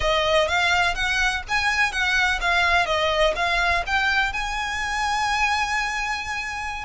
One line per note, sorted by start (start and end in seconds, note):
0.00 0.48 D#5
0.48 0.94 F5
0.94 1.42 F#5
1.48 1.91 G#5
1.91 2.39 F#5
2.40 2.86 F5
2.86 3.34 D#5
3.35 3.83 F5
3.86 4.32 G5
4.32 6.84 G#5